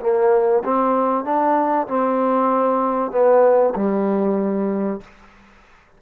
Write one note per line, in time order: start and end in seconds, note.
0.00 0.62 A#3
0.64 1.24 C4
1.24 1.87 D4
1.87 3.11 C4
3.11 3.74 B3
3.75 5.00 G3